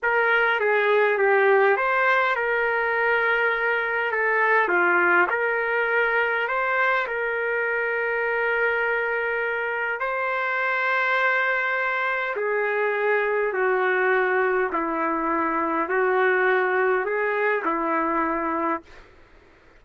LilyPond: \new Staff \with { instrumentName = "trumpet" } { \time 4/4 \tempo 4 = 102 ais'4 gis'4 g'4 c''4 | ais'2. a'4 | f'4 ais'2 c''4 | ais'1~ |
ais'4 c''2.~ | c''4 gis'2 fis'4~ | fis'4 e'2 fis'4~ | fis'4 gis'4 e'2 | }